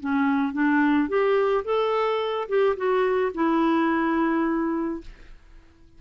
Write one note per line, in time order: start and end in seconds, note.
0.00 0.53 C#4
0.53 1.08 D4
1.08 1.64 G4
1.64 2.47 A4
2.48 2.76 G4
2.76 3.32 F#4
3.34 5.01 E4